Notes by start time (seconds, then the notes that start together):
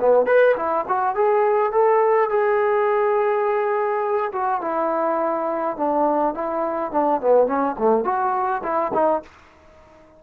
0.00 B3
0.27 B4
0.57 E4
0.88 F#4
1.16 G#4
1.73 A4
2.30 G#4
4.33 F#4
4.62 E4
5.77 D4
6.35 E4
6.92 D4
7.21 B3
7.47 C#4
7.79 A3
8.05 F#4
8.64 E4
8.94 D#4